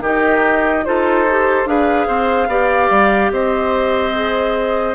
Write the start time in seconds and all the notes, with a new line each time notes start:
0.00 D#3 D#4 G4 D#5
0.85 D#4 F4 A4 C5
1.30 G4
1.66 D4 G#4 B4 F5
2.07 C4 C5
2.48 B3 G4 D5
2.90 G3
3.32 C4 C5 D#5
4.14 G#4